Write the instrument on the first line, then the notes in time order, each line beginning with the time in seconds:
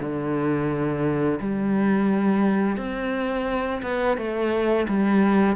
cello
0.00 D3
1.40 G3
2.77 C4
3.82 B3
4.17 A3
4.88 G3